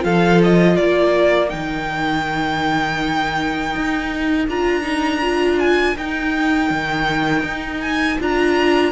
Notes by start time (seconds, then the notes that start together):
0.00 F3 F4 A4 F5
0.44 D#5
0.77 A#3 A#4 D5
1.49 D#3 D#4 G5
3.75 D#4
4.48 D4 F4 A#5
4.83 D#4
5.22 F4
5.60 G#5
5.97 D#4 G5
6.71 D#3
7.44 D#4
7.81 G#5
8.20 D4 F4 A#5